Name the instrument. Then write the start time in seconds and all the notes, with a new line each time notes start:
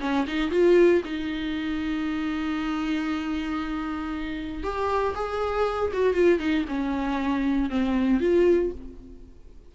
viola
0.00 C#4
0.27 D#4
0.51 F4
1.05 D#4
4.63 G4
5.15 G#4
5.93 F#4
6.14 F4
6.39 D#4
6.68 C#4
7.70 C4
8.20 F4